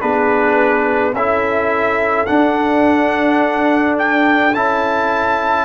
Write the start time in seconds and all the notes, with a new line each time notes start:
0.00 B3 D4 G#4 B4
1.13 C#4 E4 A4 E5
2.26 D4 F#5
3.98 G5
4.54 C#4 E4 A5